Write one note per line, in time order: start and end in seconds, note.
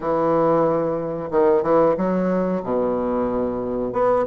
0.00 1.29 E3
1.30 1.62 D#3
1.62 1.95 E3
1.97 2.62 F#3
2.63 3.92 B2
3.92 4.25 B3